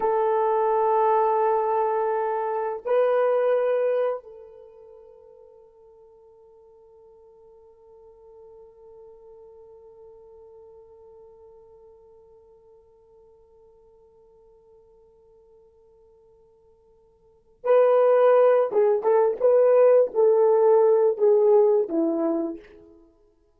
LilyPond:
\new Staff \with { instrumentName = "horn" } { \time 4/4 \tempo 4 = 85 a'1 | b'2 a'2~ | a'1~ | a'1~ |
a'1~ | a'1~ | a'4 b'4. gis'8 a'8 b'8~ | b'8 a'4. gis'4 e'4 | }